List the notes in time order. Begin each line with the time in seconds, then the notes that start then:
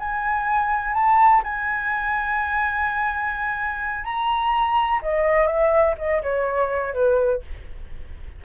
0.00 G#5
0.94 A5
1.44 G#5
4.05 A#5
5.02 D#5
5.47 E5
5.98 D#5
6.23 C#5
6.94 B4